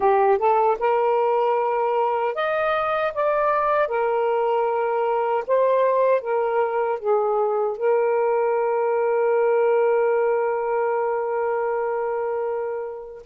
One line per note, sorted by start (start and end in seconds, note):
0.00 0.38 G4
0.38 0.77 A4
0.79 2.34 A#4
2.34 3.12 D#5
3.13 3.87 D5
3.87 5.44 A#4
5.47 6.21 C5
6.21 6.99 A#4
6.99 7.77 G#4
7.77 13.22 A#4